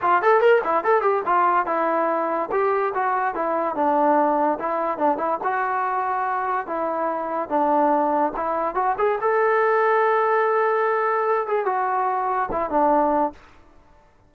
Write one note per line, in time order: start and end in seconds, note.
0.01 0.21 F4
0.21 0.40 A4
0.40 0.61 A#4
0.64 0.84 E4
0.84 1.01 A4
1.01 1.22 G4
1.25 1.66 F4
1.66 2.49 E4
2.51 2.93 G4
2.94 3.34 F#4
3.34 3.75 E4
3.75 4.58 D4
4.59 4.98 E4
4.98 5.17 D4
5.17 5.38 E4
5.43 6.66 F#4
6.66 7.49 E4
7.49 8.32 D4
8.36 8.75 E4
8.75 8.95 F#4
8.98 9.18 G#4
9.21 11.47 A4
11.47 11.65 G#4
11.65 12.49 F#4
12.51 12.70 E4
12.70 13.32 D4